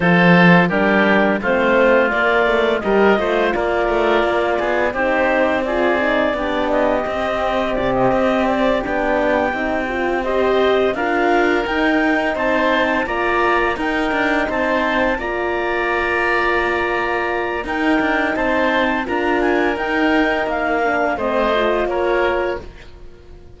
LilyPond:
<<
  \new Staff \with { instrumentName = "clarinet" } { \time 4/4 \tempo 4 = 85 c''4 ais'4 c''4 d''4 | dis''4 d''2 c''4 | d''4. dis''4. d''16 dis''8. | d''8 g''2 dis''4 f''8~ |
f''8 g''4 a''4 ais''4 g''8~ | g''8 a''4 ais''2~ ais''8~ | ais''4 g''4 a''4 ais''8 gis''8 | g''4 f''4 dis''4 cis''4 | }
  \new Staff \with { instrumentName = "oboe" } { \time 4/4 a'4 g'4 f'2 | ais'8 c''8 ais'4. gis'8 g'4 | gis'4 g'2.~ | g'2~ g'8 c''4 ais'8~ |
ais'4. c''4 d''4 ais'8~ | ais'8 c''4 d''2~ d''8~ | d''4 ais'4 c''4 ais'4~ | ais'2 c''4 ais'4 | }
  \new Staff \with { instrumentName = "horn" } { \time 4/4 f'4 d'4 c'4 ais4 | g'8 f'2~ f'8 dis'4 | f'8 dis'8 d'4 c'2~ | c'8 d'4 dis'8 f'8 g'4 f'8~ |
f'8 dis'2 f'4 dis'8~ | dis'4. f'2~ f'8~ | f'4 dis'2 f'4 | dis'4. d'8 c'8 f'4. | }
  \new Staff \with { instrumentName = "cello" } { \time 4/4 f4 g4 a4 ais8 a8 | g8 a8 ais8 a8 ais8 b8 c'4~ | c'4 b4 c'4 c8 c'8~ | c'8 b4 c'2 d'8~ |
d'8 dis'4 c'4 ais4 dis'8 | d'8 c'4 ais2~ ais8~ | ais4 dis'8 d'8 c'4 d'4 | dis'4 ais4 a4 ais4 | }
>>